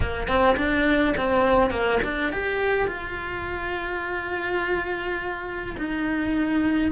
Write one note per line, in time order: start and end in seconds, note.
0.00 0.27 A#3
0.27 0.56 C4
0.56 1.14 D4
1.17 1.70 C4
1.70 1.99 A#3
2.03 2.32 D4
2.32 2.87 G4
2.87 5.76 F4
5.78 6.91 D#4